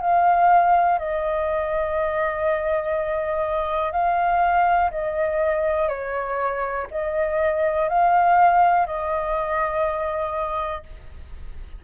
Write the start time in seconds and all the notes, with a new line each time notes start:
0.00 F5
0.98 D#5
3.92 F5
4.90 D#5
5.88 C#5
6.90 D#5
7.89 F5
8.86 D#5